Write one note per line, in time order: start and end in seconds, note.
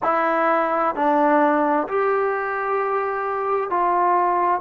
0.03 0.95 E4
0.95 1.87 D4
1.88 3.70 G4
3.70 4.60 F4